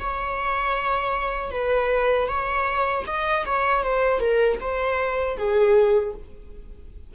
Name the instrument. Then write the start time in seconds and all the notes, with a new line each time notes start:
viola
0.00 C#5
1.51 B4
2.28 C#5
3.07 D#5
3.46 C#5
3.84 C5
4.20 A#4
4.61 C5
5.37 G#4